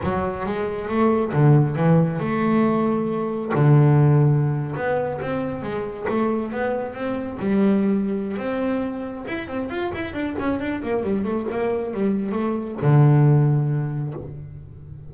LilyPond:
\new Staff \with { instrumentName = "double bass" } { \time 4/4 \tempo 4 = 136 fis4 gis4 a4 d4 | e4 a2. | d2~ d8. b4 c'16~ | c'8. gis4 a4 b4 c'16~ |
c'8. g2~ g16 c'4~ | c'4 e'8 c'8 f'8 e'8 d'8 cis'8 | d'8 ais8 g8 a8 ais4 g4 | a4 d2. | }